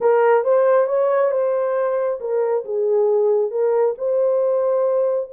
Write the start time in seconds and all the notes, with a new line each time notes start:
0.00 A#4
0.44 C5
0.86 C#5
1.31 C5
2.20 A#4
2.64 G#4
3.50 A#4
3.98 C5